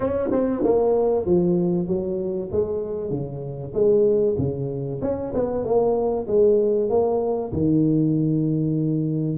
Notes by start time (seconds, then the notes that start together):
0.00 C#4
0.31 C4
0.64 A#3
1.25 F3
1.87 F#3
2.51 G#3
3.10 C#3
3.74 G#3
4.38 C#3
5.01 C#4
5.34 B3
5.64 A#3
6.27 G#3
6.89 A#3
7.52 D#3